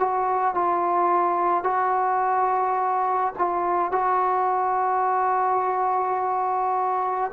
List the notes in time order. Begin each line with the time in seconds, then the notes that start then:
0.00 F#4
0.55 F4
1.64 F#4
3.39 F4
3.92 F#4